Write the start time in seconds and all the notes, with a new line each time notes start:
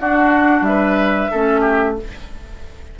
0.00 D4 F#4 F#5
0.62 G3 E5
0.69 B4
1.31 A3 C#4 A4
1.61 G4